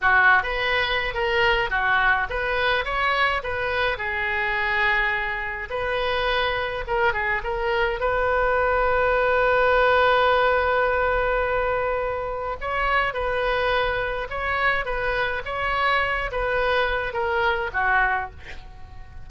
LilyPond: \new Staff \with { instrumentName = "oboe" } { \time 4/4 \tempo 4 = 105 fis'8. b'4~ b'16 ais'4 fis'4 | b'4 cis''4 b'4 gis'4~ | gis'2 b'2 | ais'8 gis'8 ais'4 b'2~ |
b'1~ | b'2 cis''4 b'4~ | b'4 cis''4 b'4 cis''4~ | cis''8 b'4. ais'4 fis'4 | }